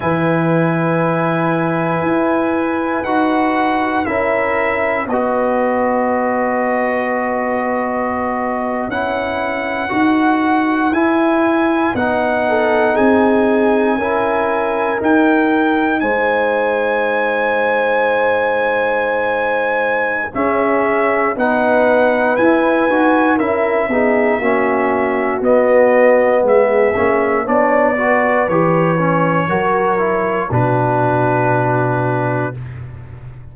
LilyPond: <<
  \new Staff \with { instrumentName = "trumpet" } { \time 4/4 \tempo 4 = 59 gis''2. fis''4 | e''4 dis''2.~ | dis''8. fis''2 gis''4 fis''16~ | fis''8. gis''2 g''4 gis''16~ |
gis''1 | e''4 fis''4 gis''4 e''4~ | e''4 dis''4 e''4 d''4 | cis''2 b'2 | }
  \new Staff \with { instrumentName = "horn" } { \time 4/4 b'1 | ais'4 b'2.~ | b'1~ | b'16 a'8 gis'4 ais'2 c''16~ |
c''1 | gis'4 b'2 ais'8 gis'8 | fis'2 gis'4 cis''8 b'8~ | b'4 ais'4 fis'2 | }
  \new Staff \with { instrumentName = "trombone" } { \time 4/4 e'2. fis'4 | e'4 fis'2.~ | fis'8. e'4 fis'4 e'4 dis'16~ | dis'4.~ dis'16 e'4 dis'4~ dis'16~ |
dis'1 | cis'4 dis'4 e'8 fis'8 e'8 dis'8 | cis'4 b4. cis'8 d'8 fis'8 | g'8 cis'8 fis'8 e'8 d'2 | }
  \new Staff \with { instrumentName = "tuba" } { \time 4/4 e2 e'4 dis'4 | cis'4 b2.~ | b8. cis'4 dis'4 e'4 b16~ | b8. c'4 cis'4 dis'4 gis16~ |
gis1 | cis'4 b4 e'8 dis'8 cis'8 b8 | ais4 b4 gis8 ais8 b4 | e4 fis4 b,2 | }
>>